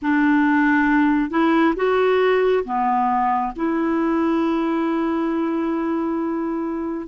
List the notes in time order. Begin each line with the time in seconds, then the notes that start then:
0.02 D4
1.30 E4
1.76 F#4
2.64 B3
3.55 E4